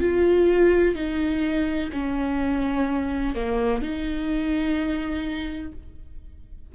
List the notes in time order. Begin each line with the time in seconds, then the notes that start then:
0.00 F4
0.95 D#4
1.92 C#4
3.35 A#3
3.81 D#4